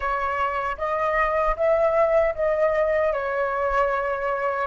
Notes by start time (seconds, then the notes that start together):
0.00 C#5
0.77 D#5
1.56 E5
2.34 D#5
3.12 C#5